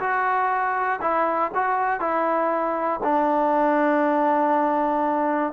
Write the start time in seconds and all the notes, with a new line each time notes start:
0.00 F#4
1.02 E4
1.55 F#4
2.01 E4
3.04 D4